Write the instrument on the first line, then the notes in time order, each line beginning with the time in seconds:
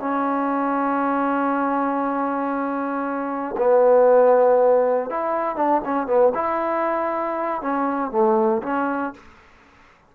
trombone
0.00 C#4
3.58 B3
5.10 E4
5.57 D4
5.85 C#4
6.07 B3
6.35 E4
7.62 C#4
8.11 A3
8.63 C#4